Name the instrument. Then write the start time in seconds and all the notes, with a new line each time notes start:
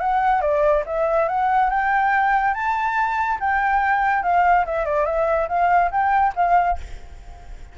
flute
0.00 F#5
0.41 D5
0.86 E5
1.28 F#5
1.70 G5
2.54 A5
3.40 G5
4.23 F5
4.66 E5
4.85 D5
5.06 E5
5.48 F5
5.91 G5
6.36 F5